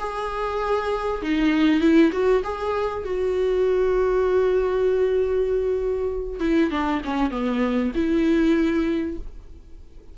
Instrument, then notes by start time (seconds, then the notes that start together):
viola
0.00 G#4
1.23 D#4
1.81 E4
2.13 F#4
2.44 G#4
3.05 F#4
6.40 E4
6.71 D4
7.05 C#4
7.31 B3
7.95 E4